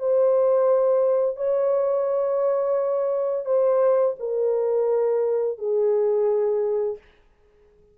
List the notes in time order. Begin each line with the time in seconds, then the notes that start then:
0.00 C5
1.36 C#5
3.46 C5
4.20 A#4
5.59 G#4